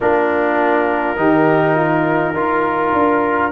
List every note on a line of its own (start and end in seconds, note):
0.00 1.16 A#3
0.00 1.16 D4
0.00 1.18 F4
0.00 3.51 A#4
1.16 2.33 D#3
1.16 2.34 D#4
1.16 1.75 G4
1.75 2.33 F4
2.33 2.92 D#4
2.33 3.51 F4
2.33 3.50 A#4
2.93 3.51 D4